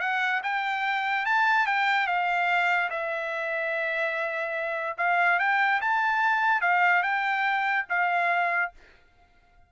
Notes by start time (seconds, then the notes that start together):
0.00 F#5
0.43 G5
1.26 A5
1.66 G5
2.07 F5
2.90 E5
4.98 F5
5.39 G5
5.81 A5
6.62 F5
7.03 G5
7.89 F5